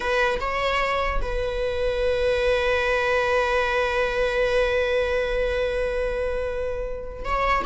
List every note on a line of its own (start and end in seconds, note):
0.00 0.39 B4
0.40 1.21 C#5
1.21 7.25 B4
7.25 7.65 C#5